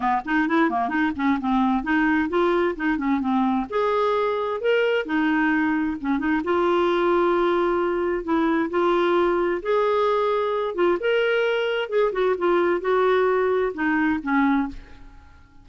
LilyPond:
\new Staff \with { instrumentName = "clarinet" } { \time 4/4 \tempo 4 = 131 b8 dis'8 e'8 ais8 dis'8 cis'8 c'4 | dis'4 f'4 dis'8 cis'8 c'4 | gis'2 ais'4 dis'4~ | dis'4 cis'8 dis'8 f'2~ |
f'2 e'4 f'4~ | f'4 gis'2~ gis'8 f'8 | ais'2 gis'8 fis'8 f'4 | fis'2 dis'4 cis'4 | }